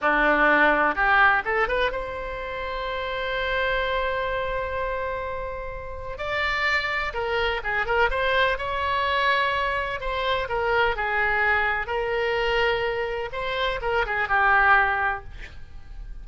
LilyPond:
\new Staff \with { instrumentName = "oboe" } { \time 4/4 \tempo 4 = 126 d'2 g'4 a'8 b'8 | c''1~ | c''1~ | c''4 d''2 ais'4 |
gis'8 ais'8 c''4 cis''2~ | cis''4 c''4 ais'4 gis'4~ | gis'4 ais'2. | c''4 ais'8 gis'8 g'2 | }